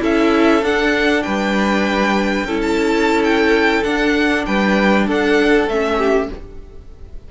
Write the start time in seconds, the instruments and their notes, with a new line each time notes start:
0.00 cello C#4, viola E4, violin A4 E5
0.62 cello D4, viola D4, violin F#5
1.23 cello G3, violin B4 G5
2.44 cello C#4, viola E4, violin A4
2.62 violin A5
3.24 violin G5
3.84 viola D4, cello D4, violin F#5
4.46 cello G3, violin B4 G5
5.07 cello D4, violin A4 F#5
5.67 cello A3, viola C#4, violin E5
5.97 violin G4